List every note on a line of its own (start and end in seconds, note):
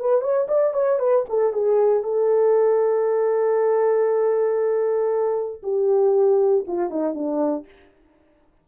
0.00 0.22 B4
0.22 0.47 C#5
0.48 0.74 D5
0.74 1.00 C#5
1.00 1.25 B4
1.30 1.53 A4
1.53 2.04 G#4
2.04 5.63 A4
5.63 6.66 G4
6.68 6.91 F4
6.91 7.15 D#4
7.15 7.66 D4